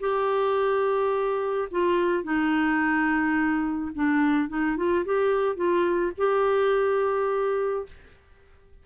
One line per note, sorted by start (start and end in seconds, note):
0.00 1.68 G4
1.71 2.24 F4
2.24 3.92 D#4
3.95 4.49 D4
4.49 4.77 D#4
4.77 5.05 F4
5.05 5.56 G4
5.56 6.12 F4
6.18 7.86 G4